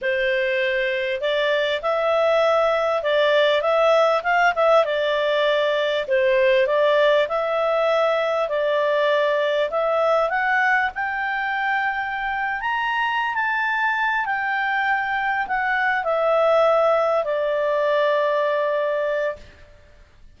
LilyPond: \new Staff \with { instrumentName = "clarinet" } { \time 4/4 \tempo 4 = 99 c''2 d''4 e''4~ | e''4 d''4 e''4 f''8 e''8 | d''2 c''4 d''4 | e''2 d''2 |
e''4 fis''4 g''2~ | g''8. ais''4~ ais''16 a''4. g''8~ | g''4. fis''4 e''4.~ | e''8 d''2.~ d''8 | }